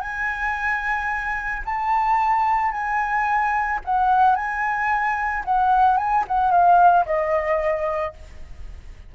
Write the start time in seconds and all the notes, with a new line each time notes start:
0.00 G#5
1.65 A5
2.71 G#5
3.84 F#5
4.35 G#5
5.45 F#5
5.97 G#5
6.27 F#5
6.51 F5
7.05 D#5